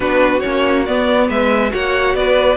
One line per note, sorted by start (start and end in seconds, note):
0.00 0.42 B3
0.00 0.41 D4
0.00 1.28 F#4
0.00 0.40 B4
0.40 0.88 A#3
0.40 0.86 C#4
0.40 0.83 C#5
0.85 1.70 B3
0.85 1.29 B3
0.85 1.28 D5
1.28 1.72 G#3
1.28 1.71 B4
1.28 1.72 E5
1.70 2.14 A#3
1.70 2.56 F#4
1.70 2.16 C#5
1.70 2.15 F#5
2.14 2.56 B3
2.14 2.56 B4
2.14 2.56 D5